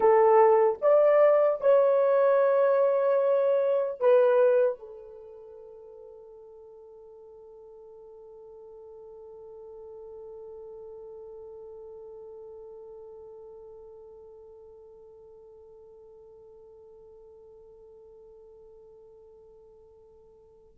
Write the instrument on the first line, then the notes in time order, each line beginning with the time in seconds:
horn
0.00 A4
0.81 D5
1.60 C#5
4.00 B4
4.78 A4